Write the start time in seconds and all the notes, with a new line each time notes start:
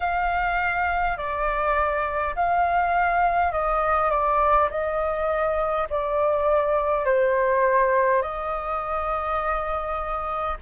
0.00 F5
1.17 D5
2.35 F5
3.51 D#5
4.10 D5
4.70 D#5
5.89 D5
7.05 C5
8.21 D#5